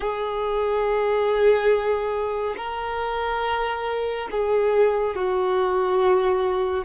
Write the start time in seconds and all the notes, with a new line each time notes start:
0.00 G#4
2.57 A#4
4.31 G#4
5.15 F#4